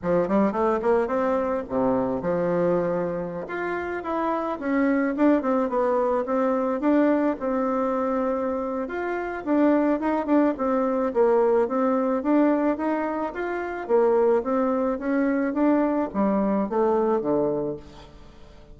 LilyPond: \new Staff \with { instrumentName = "bassoon" } { \time 4/4 \tempo 4 = 108 f8 g8 a8 ais8 c'4 c4 | f2~ f16 f'4 e'8.~ | e'16 cis'4 d'8 c'8 b4 c'8.~ | c'16 d'4 c'2~ c'8. |
f'4 d'4 dis'8 d'8 c'4 | ais4 c'4 d'4 dis'4 | f'4 ais4 c'4 cis'4 | d'4 g4 a4 d4 | }